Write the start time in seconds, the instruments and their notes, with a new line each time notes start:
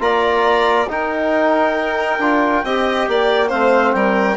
0.00 bassoon A#3, trombone F4, violin D5, clarinet A#5
0.88 trombone D#4, bassoon D#4, violin A#4, clarinet G5
2.19 bassoon D4, trombone F4
2.64 bassoon C4, trombone G4, violin D#5
3.08 bassoon A#3, violin D5
3.48 bassoon A3, trombone C4, violin C5, clarinet F5
3.93 bassoon G3, violin A#4, clarinet G5